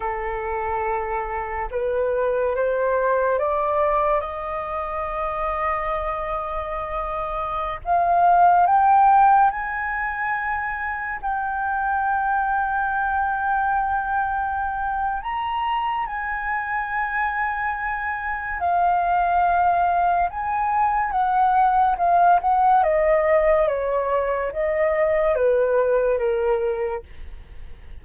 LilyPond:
\new Staff \with { instrumentName = "flute" } { \time 4/4 \tempo 4 = 71 a'2 b'4 c''4 | d''4 dis''2.~ | dis''4~ dis''16 f''4 g''4 gis''8.~ | gis''4~ gis''16 g''2~ g''8.~ |
g''2 ais''4 gis''4~ | gis''2 f''2 | gis''4 fis''4 f''8 fis''8 dis''4 | cis''4 dis''4 b'4 ais'4 | }